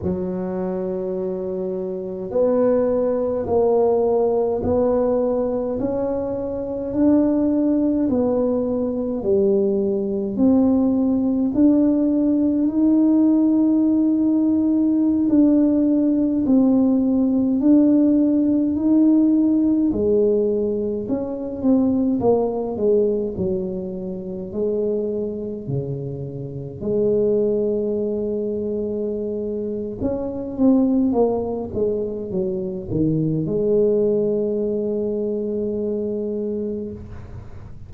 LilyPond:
\new Staff \with { instrumentName = "tuba" } { \time 4/4 \tempo 4 = 52 fis2 b4 ais4 | b4 cis'4 d'4 b4 | g4 c'4 d'4 dis'4~ | dis'4~ dis'16 d'4 c'4 d'8.~ |
d'16 dis'4 gis4 cis'8 c'8 ais8 gis16~ | gis16 fis4 gis4 cis4 gis8.~ | gis2 cis'8 c'8 ais8 gis8 | fis8 dis8 gis2. | }